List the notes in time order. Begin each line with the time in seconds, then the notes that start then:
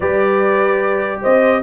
0.00 G3 G4 B4 D5
1.21 C4 C5 D#5